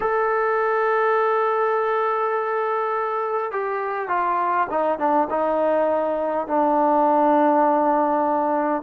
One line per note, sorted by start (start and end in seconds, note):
0.00 3.51 A4
3.51 4.08 G4
4.08 4.67 F4
4.70 4.98 D#4
4.98 5.28 D4
5.30 6.47 D#4
6.47 8.82 D4